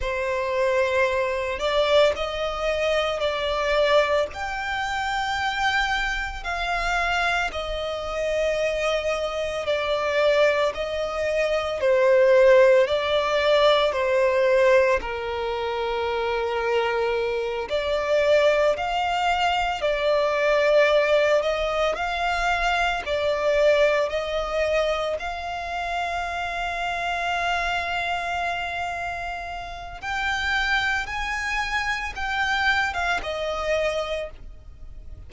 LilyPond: \new Staff \with { instrumentName = "violin" } { \time 4/4 \tempo 4 = 56 c''4. d''8 dis''4 d''4 | g''2 f''4 dis''4~ | dis''4 d''4 dis''4 c''4 | d''4 c''4 ais'2~ |
ais'8 d''4 f''4 d''4. | dis''8 f''4 d''4 dis''4 f''8~ | f''1 | g''4 gis''4 g''8. f''16 dis''4 | }